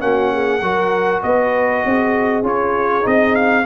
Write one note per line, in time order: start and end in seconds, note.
0.00 0.62 A#3
0.00 0.61 C#4
0.00 0.33 F#4
0.00 1.22 F#5
0.33 0.62 G#4
0.62 1.23 F#3
0.62 2.44 F#4
0.62 1.23 A#4
1.23 1.84 B3
1.23 1.87 B4
1.23 2.45 D#5
1.86 2.43 C4
1.86 3.66 G#4
2.43 3.04 C#4
2.43 3.03 F4
2.43 3.07 C#5
3.03 3.66 C4
3.03 3.63 D#4
3.03 3.36 D#5
3.36 3.66 F5